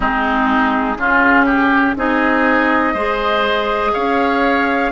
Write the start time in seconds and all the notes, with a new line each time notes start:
0.00 G#3 C4 D#4 G#4
0.97 C#3 C#4 F4
1.45 G4
1.96 C4 D#4 G#4 D#5
2.93 G#3 G#4 C5
3.93 C#4 C#5 F5